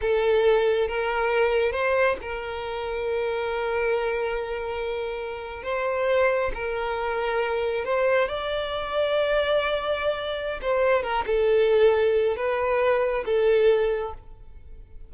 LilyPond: \new Staff \with { instrumentName = "violin" } { \time 4/4 \tempo 4 = 136 a'2 ais'2 | c''4 ais'2.~ | ais'1~ | ais'8. c''2 ais'4~ ais'16~ |
ais'4.~ ais'16 c''4 d''4~ d''16~ | d''1 | c''4 ais'8 a'2~ a'8 | b'2 a'2 | }